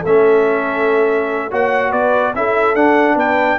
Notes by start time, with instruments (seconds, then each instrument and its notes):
0.00 tuba A3, horn A4, trumpet E5
0.06 trombone C#4
1.50 tuba A#3, trombone F#4, horn C#5, trumpet F#5
1.91 tuba B3, horn B4, trumpet D5
2.34 tuba C#4, trombone E4, horn A4, trumpet E5
2.74 tuba D4, trombone D4, trumpet F#5
3.15 tuba B3, horn B4, trumpet G5